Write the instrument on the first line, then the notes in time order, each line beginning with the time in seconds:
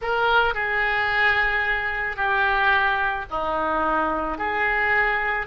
oboe
0.01 A#4
0.54 G#4
2.16 G4
3.30 D#4
4.38 G#4